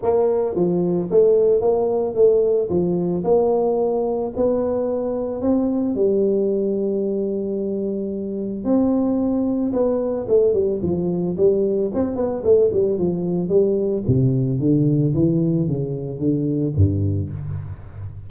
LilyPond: \new Staff \with { instrumentName = "tuba" } { \time 4/4 \tempo 4 = 111 ais4 f4 a4 ais4 | a4 f4 ais2 | b2 c'4 g4~ | g1 |
c'2 b4 a8 g8 | f4 g4 c'8 b8 a8 g8 | f4 g4 c4 d4 | e4 cis4 d4 g,4 | }